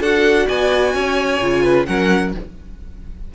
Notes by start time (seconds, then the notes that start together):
0.00 D4 F#4 A4 F#5
0.47 B3 D5 G#5
0.94 C#4 C#5
1.40 C#3 F4
1.63 B4
1.85 F#3 C#4 A#4 F#5